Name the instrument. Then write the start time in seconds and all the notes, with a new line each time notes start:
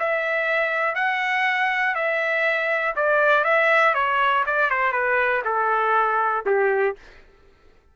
trumpet
0.00 E5
0.95 F#5
1.95 E5
2.96 D5
3.45 E5
3.95 C#5
4.47 D5
4.71 C5
4.92 B4
5.45 A4
6.46 G4